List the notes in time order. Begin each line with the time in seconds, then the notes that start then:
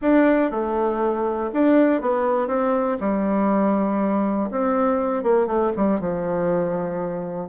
0.01 D4
0.50 A3
1.53 D4
2.01 B3
2.48 C4
3.00 G3
4.50 C4
5.23 A#3
5.46 A3
5.76 G3
6.00 F3